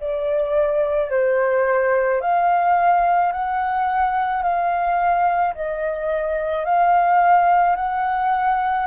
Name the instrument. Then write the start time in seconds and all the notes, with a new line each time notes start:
flute
0.00 D5
1.10 C5
2.21 F5
3.32 F#5
4.42 F5
5.55 D#5
6.65 F5
7.75 F#5